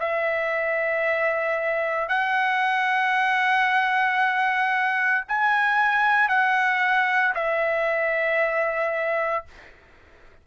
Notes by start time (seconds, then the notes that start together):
0.00 E5
2.09 F#5
5.28 G#5
6.29 F#5
7.35 E5